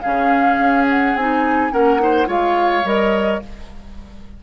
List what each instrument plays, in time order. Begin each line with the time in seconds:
0.00 bassoon C#3, clarinet C#4, oboe G#4, flute F5
0.58 bassoon C#4
0.89 flute F#5
1.15 bassoon C4, clarinet D#4, flute G#5
1.71 bassoon A#3, clarinet C#4, oboe A#4, flute F#5
1.99 clarinet D#4, oboe C5
2.26 bassoon G#3, clarinet F4, oboe C#5, flute F5
2.84 bassoon G3, clarinet A#4, flute D#5